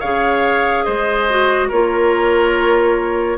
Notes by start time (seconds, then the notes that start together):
0.00 C#3 G#4 C#5 F5
0.85 G#3 C5 D#5
1.30 F#4
1.68 A#3 F4 A#4 C#5